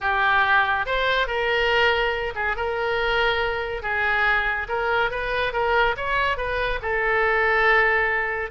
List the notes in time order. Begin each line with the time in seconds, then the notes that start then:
0.01 G4
0.86 C5
1.27 A#4
2.35 G#4
2.56 A#4
3.82 G#4
4.68 A#4
5.10 B4
5.53 A#4
5.96 C#5
6.37 B4
6.82 A4